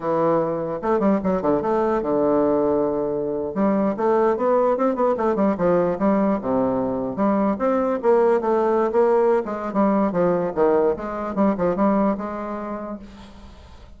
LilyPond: \new Staff \with { instrumentName = "bassoon" } { \time 4/4 \tempo 4 = 148 e2 a8 g8 fis8 d8 | a4 d2.~ | d8. g4 a4 b4 c'16~ | c'16 b8 a8 g8 f4 g4 c16~ |
c4.~ c16 g4 c'4 ais16~ | ais8. a4~ a16 ais4~ ais16 gis8. | g4 f4 dis4 gis4 | g8 f8 g4 gis2 | }